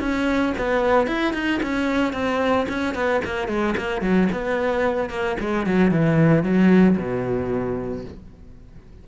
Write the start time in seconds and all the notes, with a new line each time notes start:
0.00 C#4
0.58 B3
1.07 E4
1.34 D#4
1.63 C#4
2.13 C4
2.69 C#4
2.94 B3
3.25 A#3
3.48 G#3
3.77 A#3
4.02 F#3
4.32 B3
5.10 A#3
5.40 G#3
5.66 F#3
5.91 E3
6.44 F#3
6.97 B2